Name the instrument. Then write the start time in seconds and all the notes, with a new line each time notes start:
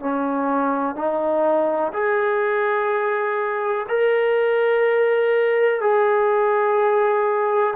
trombone
0.00 C#4
0.95 D#4
1.93 G#4
3.88 A#4
5.81 G#4